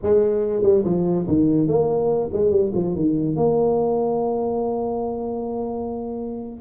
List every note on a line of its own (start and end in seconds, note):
0.02 0.63 G#3
0.63 0.84 G3
0.84 1.26 F3
1.27 1.67 D#3
1.67 2.30 A#3
2.32 2.50 G#3
2.50 2.71 G3
2.74 2.95 F3
2.95 3.36 D#3
3.36 6.60 A#3